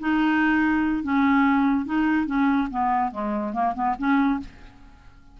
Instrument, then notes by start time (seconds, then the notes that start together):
clarinet
0.00 D#4
1.03 C#4
1.86 D#4
2.26 C#4
2.71 B3
3.11 G#3
3.53 A#3
3.75 B3
3.98 C#4